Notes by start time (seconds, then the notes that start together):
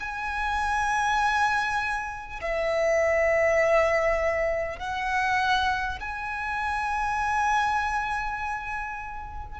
0.00 G#5
2.41 E5
4.79 F#5
6.00 G#5